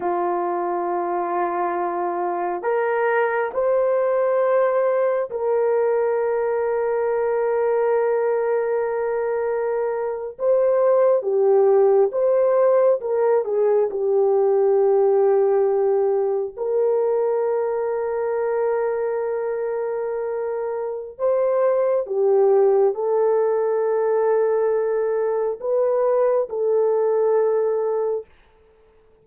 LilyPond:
\new Staff \with { instrumentName = "horn" } { \time 4/4 \tempo 4 = 68 f'2. ais'4 | c''2 ais'2~ | ais'2.~ ais'8. c''16~ | c''8. g'4 c''4 ais'8 gis'8 g'16~ |
g'2~ g'8. ais'4~ ais'16~ | ais'1 | c''4 g'4 a'2~ | a'4 b'4 a'2 | }